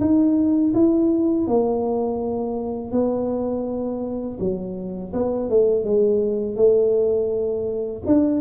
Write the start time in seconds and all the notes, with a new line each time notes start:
0.00 D#4
0.74 E4
1.47 A#3
2.91 B3
4.39 F#3
5.13 B3
5.49 A3
5.84 G#3
6.56 A3
8.06 D4